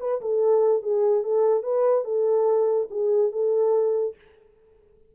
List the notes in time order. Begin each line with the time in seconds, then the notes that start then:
0.00 B4
0.21 A4
0.82 G#4
1.23 A4
1.63 B4
2.04 A4
2.90 G#4
3.32 A4